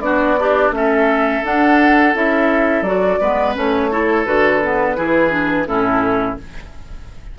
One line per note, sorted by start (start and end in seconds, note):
0.00 0.71 B3
0.00 0.37 D4
0.00 0.40 F#4
0.00 0.71 D5
0.40 0.75 D4
0.40 0.73 G4
0.71 1.41 A3
0.71 1.44 C#4
0.71 3.21 A4
0.71 1.45 E5
1.44 2.15 D4
1.44 2.16 F#5
2.15 2.82 C#4
2.15 2.85 E4
2.15 2.83 E5
2.82 3.17 F#3
2.82 3.22 F#4
2.82 3.54 D5
3.21 3.56 G#3
3.21 3.56 B3
3.21 3.91 B4
3.56 4.26 A3
3.56 3.91 C#4
3.56 4.26 C#5
3.91 4.26 E4
3.91 4.97 A4
4.26 4.97 D3
4.26 4.61 F#4
4.26 5.67 B4
4.64 4.97 B3
4.97 5.67 E3
4.97 5.30 E4
4.97 5.68 G#4
5.30 5.66 D4
5.67 6.38 A2
5.67 6.38 C#4
5.67 6.39 E4
5.67 6.37 A4